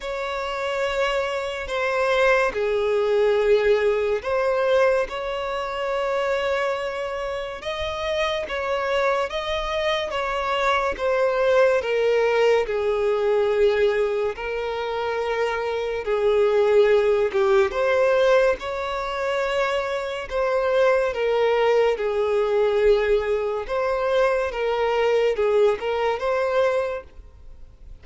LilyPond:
\new Staff \with { instrumentName = "violin" } { \time 4/4 \tempo 4 = 71 cis''2 c''4 gis'4~ | gis'4 c''4 cis''2~ | cis''4 dis''4 cis''4 dis''4 | cis''4 c''4 ais'4 gis'4~ |
gis'4 ais'2 gis'4~ | gis'8 g'8 c''4 cis''2 | c''4 ais'4 gis'2 | c''4 ais'4 gis'8 ais'8 c''4 | }